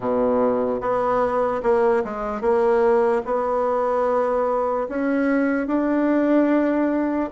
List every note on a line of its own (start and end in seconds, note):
0.00 0.80 B2
0.80 1.61 B3
1.62 2.03 A#3
2.04 2.41 G#3
2.41 3.22 A#3
3.25 4.87 B3
4.88 5.67 C#4
5.67 7.29 D4